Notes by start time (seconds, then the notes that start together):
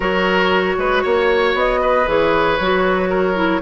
0.00 F#3 F#4 A#4 C#5
0.77 G#3 B4
1.02 A#3 C#5
1.54 B3 D#5
1.81 B4
2.06 E3 G#4 C#5
2.59 F#3 F#4
3.09 A#4
3.34 E4